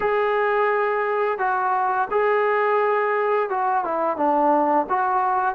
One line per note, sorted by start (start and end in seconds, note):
0.00 1.38 G#4
1.38 2.08 F#4
2.10 3.49 G#4
3.49 3.84 F#4
3.84 4.16 E4
4.16 4.86 D4
4.89 5.55 F#4